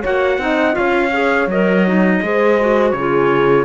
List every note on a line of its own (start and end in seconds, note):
0.00 0.38 A#3
0.00 0.39 F#4
0.00 0.37 C#5
0.00 0.75 F#5
0.38 0.74 C4
0.38 0.72 D#4
0.38 0.78 D#5
0.72 1.08 F4
0.72 2.24 C#5
0.72 1.48 F5
0.78 1.46 C#4
1.11 1.48 G#4
1.46 2.20 F#3
1.46 1.87 A#4
1.46 2.91 D#5
1.87 2.22 D#4
2.22 2.92 G#3
2.22 2.59 G#4
2.22 2.97 C5
2.60 2.96 F#4
2.91 3.64 C#3
2.91 3.64 G#4
2.91 3.64 C#5
2.98 3.64 F4